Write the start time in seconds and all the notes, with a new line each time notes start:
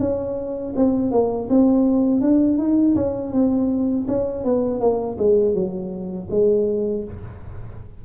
0.00 C#4
0.76 C4
1.12 A#3
1.49 C4
2.21 D4
2.58 D#4
2.96 C#4
3.33 C4
4.08 C#4
4.44 B3
4.80 A#3
5.19 G#3
5.55 F#3
6.30 G#3